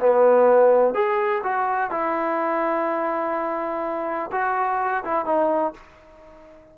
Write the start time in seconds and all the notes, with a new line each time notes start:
0.00 B3
0.94 G#4
1.44 F#4
1.91 E4
4.32 F#4
5.04 E4
5.26 D#4